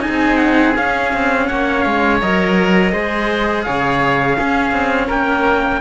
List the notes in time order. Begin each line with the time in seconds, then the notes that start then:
0.00 D#4 G#4 G#5
0.08 C4
0.37 F#5
0.76 C#4 F5
1.13 C4
1.47 A#3 C#5 F#5
1.81 G#3 F5
2.21 F#3 A#4 D#5
2.92 G#3 G#4 C5
3.63 C#3 C#5 F5
4.37 C#4 G#4
4.71 C4
5.07 A#3 A#4 G5